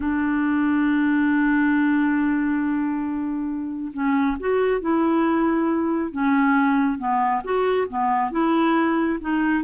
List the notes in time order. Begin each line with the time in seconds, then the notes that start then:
0.00 D4
3.93 C#4
4.39 F#4
4.80 E4
6.11 C#4
6.98 B3
7.44 F#4
7.88 B3
8.31 E4
9.20 D#4